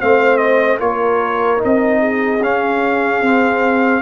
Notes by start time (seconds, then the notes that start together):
0.00 A3 C4 C5 F5
0.37 D#5
0.79 A#3 F4 A#4 C#5
1.58 D#4
1.64 C4 D#5
2.00 G#4
2.42 C#4 F5
3.22 C4